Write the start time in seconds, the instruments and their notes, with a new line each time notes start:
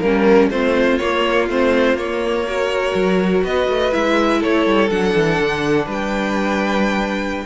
0.00 cello G3, violin A#3 A#4, viola C#4
0.49 cello A3, viola C4, violin F4 C5
0.97 viola A#3, cello A#3, violin C#5
1.48 cello A3, viola C4, violin C5
1.94 cello A#3, viola A#3, violin C#5
2.47 viola F#4, violin A#4
2.94 cello F#3
3.44 cello B3, violin B4 D#5
3.68 cello A3
3.91 cello G#3, viola E4, violin E5
4.40 cello A3, violin A4 C#5
4.65 cello G3
4.89 cello F#3, viola D4, violin F#5
5.14 cello E3
5.39 cello D3
5.85 cello G3, violin B4 G5